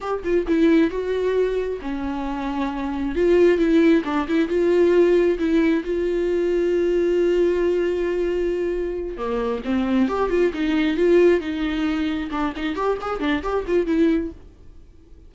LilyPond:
\new Staff \with { instrumentName = "viola" } { \time 4/4 \tempo 4 = 134 g'8 f'8 e'4 fis'2 | cis'2. f'4 | e'4 d'8 e'8 f'2 | e'4 f'2.~ |
f'1~ | f'8 ais4 c'4 g'8 f'8 dis'8~ | dis'8 f'4 dis'2 d'8 | dis'8 g'8 gis'8 d'8 g'8 f'8 e'4 | }